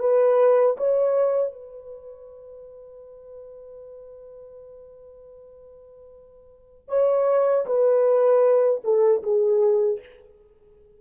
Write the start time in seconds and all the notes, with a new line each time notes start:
0.00 B4
0.78 C#5
1.53 B4
6.89 C#5
7.66 B4
8.84 A4
9.23 G#4